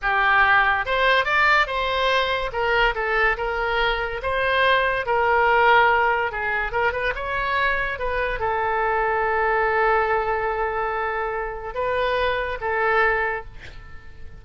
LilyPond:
\new Staff \with { instrumentName = "oboe" } { \time 4/4 \tempo 4 = 143 g'2 c''4 d''4 | c''2 ais'4 a'4 | ais'2 c''2 | ais'2. gis'4 |
ais'8 b'8 cis''2 b'4 | a'1~ | a'1 | b'2 a'2 | }